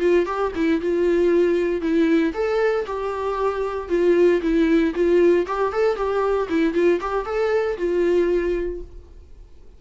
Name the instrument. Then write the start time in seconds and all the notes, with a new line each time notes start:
viola
0.00 F4
0.26 G4
0.55 E4
0.81 F4
1.82 E4
2.34 A4
2.86 G4
3.89 F4
4.42 E4
4.95 F4
5.47 G4
5.73 A4
5.96 G4
6.49 E4
6.74 F4
7.01 G4
7.26 A4
7.78 F4